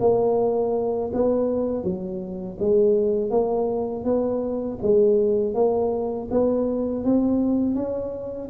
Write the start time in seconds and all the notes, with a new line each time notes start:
0.00 A#3
1.13 B3
1.84 F#3
2.59 G#3
3.30 A#3
4.04 B3
4.82 G#3
5.54 A#3
6.31 B3
7.04 C4
7.75 C#4